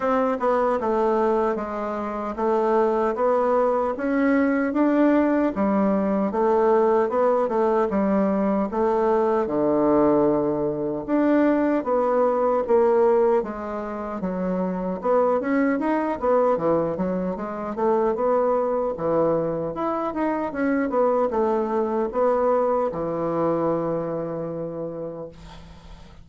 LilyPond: \new Staff \with { instrumentName = "bassoon" } { \time 4/4 \tempo 4 = 76 c'8 b8 a4 gis4 a4 | b4 cis'4 d'4 g4 | a4 b8 a8 g4 a4 | d2 d'4 b4 |
ais4 gis4 fis4 b8 cis'8 | dis'8 b8 e8 fis8 gis8 a8 b4 | e4 e'8 dis'8 cis'8 b8 a4 | b4 e2. | }